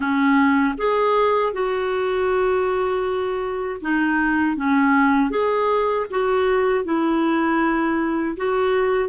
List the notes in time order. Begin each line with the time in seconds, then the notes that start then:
0.00 C#4
0.77 G#4
1.53 F#4
3.81 D#4
4.56 C#4
5.30 G#4
6.10 F#4
6.84 E4
8.36 F#4